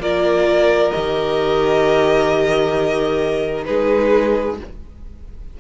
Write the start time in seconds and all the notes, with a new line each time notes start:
0.00 A#3 F4 A#4 D5
0.92 D#3 G4 D#5
3.66 G#3 D#4 G#4 B4